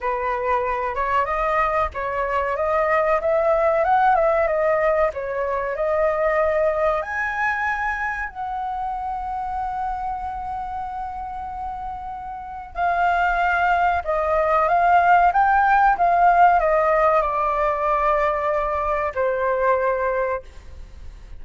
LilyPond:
\new Staff \with { instrumentName = "flute" } { \time 4/4 \tempo 4 = 94 b'4. cis''8 dis''4 cis''4 | dis''4 e''4 fis''8 e''8 dis''4 | cis''4 dis''2 gis''4~ | gis''4 fis''2.~ |
fis''1 | f''2 dis''4 f''4 | g''4 f''4 dis''4 d''4~ | d''2 c''2 | }